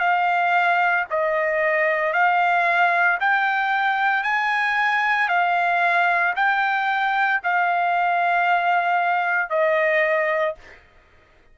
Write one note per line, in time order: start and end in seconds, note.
0.00 1.05 F5
1.11 2.13 D#5
2.13 3.19 F5
3.21 4.24 G5
4.24 5.29 G#5
5.29 6.34 F5
6.36 7.41 G5
7.44 9.50 F5
9.50 10.56 D#5